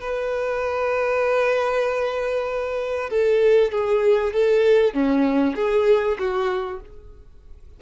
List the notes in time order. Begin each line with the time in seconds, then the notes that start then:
0.00 B4
3.09 A4
3.71 G#4
4.33 A4
4.93 C#4
5.55 G#4
6.18 F#4